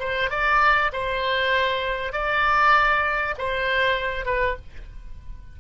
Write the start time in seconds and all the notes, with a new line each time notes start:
0.00 C5
0.30 D5
0.93 C5
2.13 D5
3.38 C5
4.26 B4